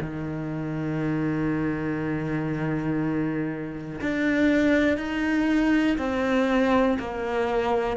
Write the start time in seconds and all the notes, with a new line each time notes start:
0.00 D#3
4.00 D4
4.97 D#4
5.98 C4
6.99 A#3